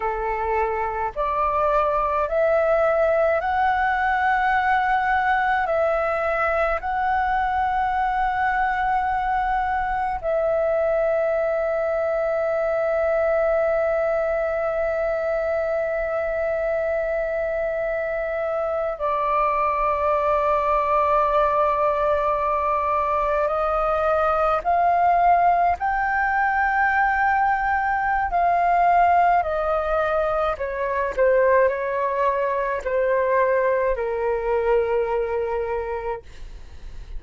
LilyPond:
\new Staff \with { instrumentName = "flute" } { \time 4/4 \tempo 4 = 53 a'4 d''4 e''4 fis''4~ | fis''4 e''4 fis''2~ | fis''4 e''2.~ | e''1~ |
e''8. d''2.~ d''16~ | d''8. dis''4 f''4 g''4~ g''16~ | g''4 f''4 dis''4 cis''8 c''8 | cis''4 c''4 ais'2 | }